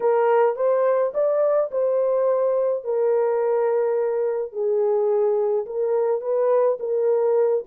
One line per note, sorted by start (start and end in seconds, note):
0.00 0.56 A#4
0.56 1.12 C5
1.13 1.70 D5
1.71 2.84 C5
2.84 4.52 A#4
4.52 5.65 G#4
5.66 6.21 A#4
6.21 6.78 B4
6.79 7.64 A#4